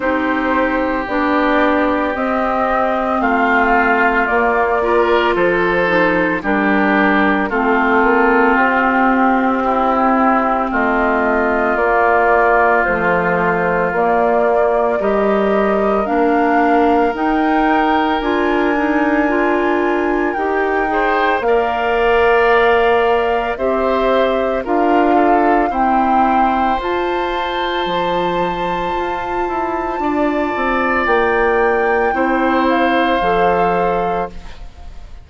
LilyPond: <<
  \new Staff \with { instrumentName = "flute" } { \time 4/4 \tempo 4 = 56 c''4 d''4 dis''4 f''4 | d''4 c''4 ais'4 a'4 | g'2 dis''4 d''4 | c''4 d''4 dis''4 f''4 |
g''4 gis''2 g''4 | f''2 e''4 f''4 | g''4 a''2.~ | a''4 g''4. f''4. | }
  \new Staff \with { instrumentName = "oboe" } { \time 4/4 g'2. f'4~ | f'8 ais'8 a'4 g'4 f'4~ | f'4 e'4 f'2~ | f'2 ais'2~ |
ais'2.~ ais'8 c''8 | d''2 c''4 ais'8 a'8 | c''1 | d''2 c''2 | }
  \new Staff \with { instrumentName = "clarinet" } { \time 4/4 dis'4 d'4 c'2 | ais8 f'4 dis'8 d'4 c'4~ | c'2. ais4 | f4 ais4 g'4 d'4 |
dis'4 f'8 dis'8 f'4 g'8 gis'8 | ais'2 g'4 f'4 | c'4 f'2.~ | f'2 e'4 a'4 | }
  \new Staff \with { instrumentName = "bassoon" } { \time 4/4 c'4 b4 c'4 a4 | ais4 f4 g4 a8 ais8 | c'2 a4 ais4 | a4 ais4 g4 ais4 |
dis'4 d'2 dis'4 | ais2 c'4 d'4 | e'4 f'4 f4 f'8 e'8 | d'8 c'8 ais4 c'4 f4 | }
>>